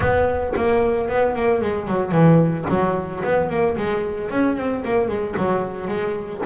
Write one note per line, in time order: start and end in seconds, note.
0.00 0.53 B3
0.56 1.09 A#3
1.09 1.35 B3
1.35 1.61 A#3
1.61 1.87 G#3
1.87 2.11 F#3
2.11 2.65 E3
2.69 3.23 F#3
3.24 3.49 B3
3.49 3.76 A#3
3.76 4.30 G#3
4.30 4.56 C#4
4.56 4.83 C4
4.84 5.08 A#3
5.08 5.34 G#3
5.37 5.87 F#3
5.87 6.41 G#3